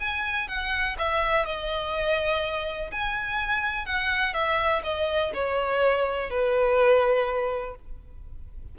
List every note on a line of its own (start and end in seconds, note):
0.00 0.48 G#5
0.48 0.97 F#5
0.99 1.46 E5
1.46 2.91 D#5
2.92 3.86 G#5
3.86 4.34 F#5
4.34 4.82 E5
4.84 5.32 D#5
5.34 6.30 C#5
6.30 7.76 B4